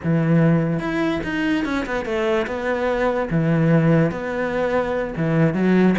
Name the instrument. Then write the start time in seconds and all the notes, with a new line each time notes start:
cello
0.03 E3
0.79 E4
1.23 D#4
1.64 C#4
1.85 B3
2.05 A3
2.46 B3
3.30 E3
4.11 B3
5.16 E3
5.54 F#3